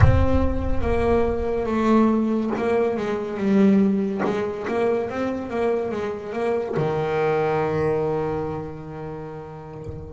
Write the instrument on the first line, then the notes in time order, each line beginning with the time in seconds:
double bass
0.00 C4
0.81 A#3
1.66 A3
2.56 A#3
2.97 G#3
3.37 G3
4.24 G#3
4.67 A#3
5.09 C4
5.50 A#3
5.91 G#3
6.33 A#3
6.76 D#3